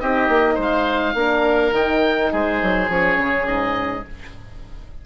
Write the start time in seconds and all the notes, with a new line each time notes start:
0.00 C4 D#4 G4 D#5
0.29 A#3
0.55 G#3 C5
0.62 F5
1.14 A#3 D4 A#4
1.72 D#3 D#4 G5
2.32 G#3 G#4 C5
2.62 F#3
2.89 F3 C#4 C#5
3.17 C#3
3.46 G#2 D#5